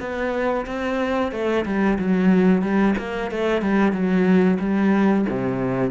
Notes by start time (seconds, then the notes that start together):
0.00 B3
0.66 C4
1.32 A3
1.65 G3
1.99 F#3
2.62 G3
2.98 A#3
3.31 A3
3.62 G3
3.92 F#3
4.59 G3
5.29 C3